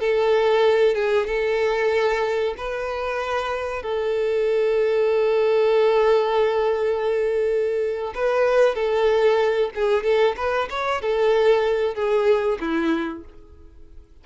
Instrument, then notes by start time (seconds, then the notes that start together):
violin
0.00 A4
0.95 G#4
1.27 A4
2.58 B4
3.83 A4
8.15 B4
8.75 A4
9.75 G#4
10.04 A4
10.37 B4
10.71 C#5
11.02 A4
11.95 G#4
12.61 E4